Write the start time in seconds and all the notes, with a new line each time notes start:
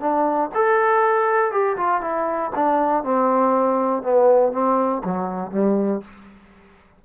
0.00 D4
0.55 A4
1.52 G4
1.77 F4
2.01 E4
2.55 D4
3.04 C4
4.03 B3
4.52 C4
5.05 F#3
5.51 G3